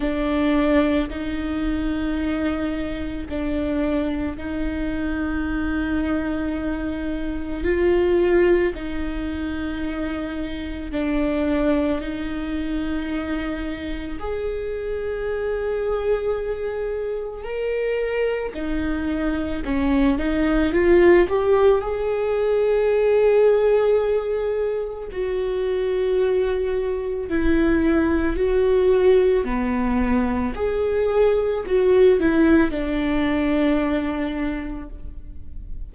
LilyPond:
\new Staff \with { instrumentName = "viola" } { \time 4/4 \tempo 4 = 55 d'4 dis'2 d'4 | dis'2. f'4 | dis'2 d'4 dis'4~ | dis'4 gis'2. |
ais'4 dis'4 cis'8 dis'8 f'8 g'8 | gis'2. fis'4~ | fis'4 e'4 fis'4 b4 | gis'4 fis'8 e'8 d'2 | }